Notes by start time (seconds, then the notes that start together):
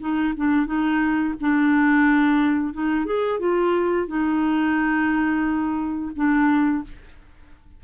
0.00 D#4
0.37 D4
0.66 D#4
1.41 D4
2.74 D#4
3.06 G#4
3.40 F4
4.08 D#4
6.16 D4